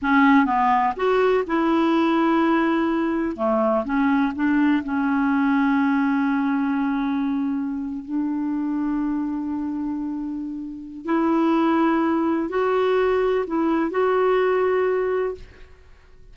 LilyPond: \new Staff \with { instrumentName = "clarinet" } { \time 4/4 \tempo 4 = 125 cis'4 b4 fis'4 e'4~ | e'2. a4 | cis'4 d'4 cis'2~ | cis'1~ |
cis'8. d'2.~ d'16~ | d'2. e'4~ | e'2 fis'2 | e'4 fis'2. | }